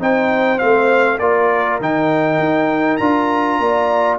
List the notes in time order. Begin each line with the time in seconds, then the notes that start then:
0.00 C4 D#4 C5 G5
0.58 A3 C4 F5
1.19 A#3 F4 A#4 D5
1.80 D#3 D#4 G5
2.39 D#4
2.97 D4 F4 A#5
3.59 A#3 D5